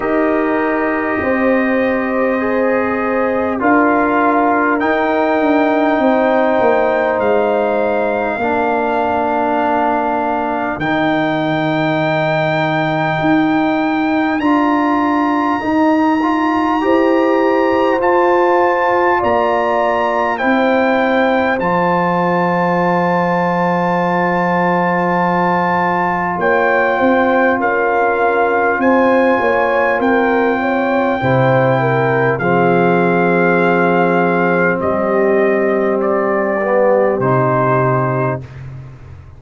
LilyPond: <<
  \new Staff \with { instrumentName = "trumpet" } { \time 4/4 \tempo 4 = 50 dis''2. f''4 | g''2 f''2~ | f''4 g''2. | ais''2. a''4 |
ais''4 g''4 a''2~ | a''2 g''4 f''4 | gis''4 g''2 f''4~ | f''4 dis''4 d''4 c''4 | }
  \new Staff \with { instrumentName = "horn" } { \time 4/4 ais'4 c''2 ais'4~ | ais'4 c''2 ais'4~ | ais'1~ | ais'2 c''2 |
d''4 c''2.~ | c''2 cis''8 c''8 ais'4 | c''8 cis''8 ais'8 cis''8 c''8 ais'8 gis'4~ | gis'4 g'2. | }
  \new Staff \with { instrumentName = "trombone" } { \time 4/4 g'2 gis'4 f'4 | dis'2. d'4~ | d'4 dis'2. | f'4 dis'8 f'8 g'4 f'4~ |
f'4 e'4 f'2~ | f'1~ | f'2 e'4 c'4~ | c'2~ c'8 b8 dis'4 | }
  \new Staff \with { instrumentName = "tuba" } { \time 4/4 dis'4 c'2 d'4 | dis'8 d'8 c'8 ais8 gis4 ais4~ | ais4 dis2 dis'4 | d'4 dis'4 e'4 f'4 |
ais4 c'4 f2~ | f2 ais8 c'8 cis'4 | c'8 ais8 c'4 c4 f4~ | f4 g2 c4 | }
>>